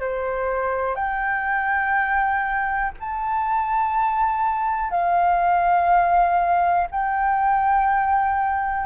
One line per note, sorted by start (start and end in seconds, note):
0.00 0.95 C5
0.95 2.92 G5
3.00 4.90 A5
4.90 6.87 F5
6.91 8.86 G5